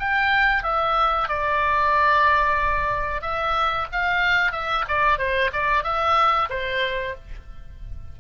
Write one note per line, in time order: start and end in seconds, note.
0.00 0.63 G5
0.63 1.29 E5
1.29 3.22 D5
3.22 3.87 E5
3.92 4.52 F5
4.52 4.85 E5
4.88 5.18 D5
5.18 5.51 C5
5.53 5.84 D5
5.84 6.49 E5
6.50 7.15 C5